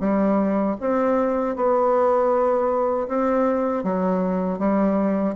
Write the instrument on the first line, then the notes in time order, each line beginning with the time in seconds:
bassoon
0.00 G3
0.80 C4
1.56 B3
3.08 C4
3.84 F#3
4.59 G3